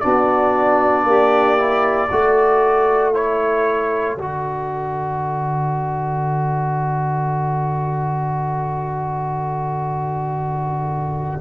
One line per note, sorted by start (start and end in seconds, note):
0.00 1.04 B3
0.00 1.58 D4
0.00 1.03 F#4
0.00 3.10 D5
1.04 2.08 A#3
1.04 2.08 G4
1.58 2.09 E4
2.08 4.16 A3
2.08 3.14 F#4
2.08 11.39 A4
3.14 4.18 E4
3.14 4.17 C#5
4.16 11.40 D3
4.16 11.41 F#4
4.16 11.41 D5